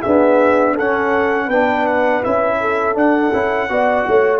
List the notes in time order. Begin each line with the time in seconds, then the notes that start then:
0.00 B3 D4 G#4 E5
0.74 C#4 A4 F#5
1.46 B3 D4 B4 G5
1.86 F#5
2.23 C#4 E4 E5
2.60 A4
2.94 D4 F#5
3.32 C#4 E4
3.69 B3 F#4 D5
4.07 A3 C#5